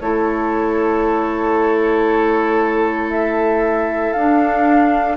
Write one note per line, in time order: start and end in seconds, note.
0.00 4.14 A3
0.00 4.16 E4
0.00 5.17 A4
0.00 3.11 C#5
3.11 4.12 E5
4.12 5.17 D4
4.12 5.16 F5